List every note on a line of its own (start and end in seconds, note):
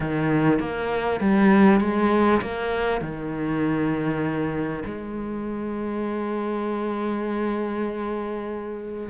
0.00 0.59 D#3
0.59 1.20 A#3
1.20 1.80 G3
1.80 2.41 G#3
2.41 3.01 A#3
3.01 4.83 D#3
4.85 9.09 G#3